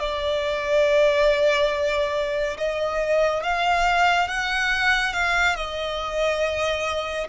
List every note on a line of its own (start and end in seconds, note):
0.00 2.57 D5
2.58 3.43 D#5
3.43 4.28 F5
4.28 5.14 F#5
5.14 5.56 F5
5.56 7.27 D#5